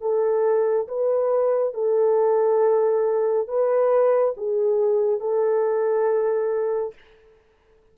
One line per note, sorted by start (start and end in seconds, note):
0.00 0.87 A4
0.87 1.74 B4
1.74 3.47 A4
3.47 4.34 B4
4.37 5.20 G#4
5.20 6.94 A4